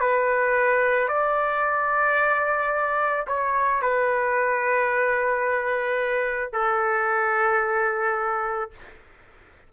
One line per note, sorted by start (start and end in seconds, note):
0.00 1.08 B4
1.08 3.26 D5
3.27 3.81 C#5
3.81 6.53 B4
6.53 8.71 A4